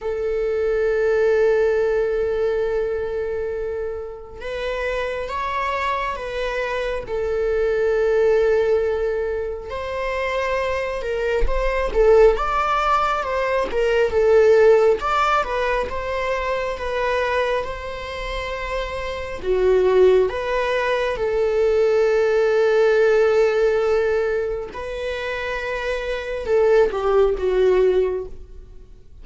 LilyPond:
\new Staff \with { instrumentName = "viola" } { \time 4/4 \tempo 4 = 68 a'1~ | a'4 b'4 cis''4 b'4 | a'2. c''4~ | c''8 ais'8 c''8 a'8 d''4 c''8 ais'8 |
a'4 d''8 b'8 c''4 b'4 | c''2 fis'4 b'4 | a'1 | b'2 a'8 g'8 fis'4 | }